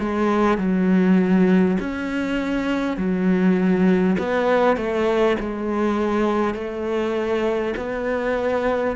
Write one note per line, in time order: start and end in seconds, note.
0.00 0.58 G#3
0.58 1.78 F#3
1.81 2.98 C#4
2.98 4.18 F#3
4.19 4.77 B3
4.77 5.37 A3
5.40 6.55 G#3
6.55 7.75 A3
7.77 8.97 B3